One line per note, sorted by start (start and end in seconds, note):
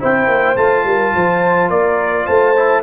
0.00 0.28 C4
0.00 0.57 E4
0.00 0.85 C5
0.00 0.57 G5
0.28 0.56 A#3
0.56 0.84 A3
0.56 2.56 F4
0.56 1.70 A5
0.84 1.13 G3
0.84 1.15 A#4
1.15 1.71 F3
1.15 1.70 C5
1.70 2.27 A#3
1.70 2.26 A#4
1.70 2.26 D5
2.26 2.83 A3
2.26 2.83 C5
2.26 2.83 A5
2.56 2.83 E4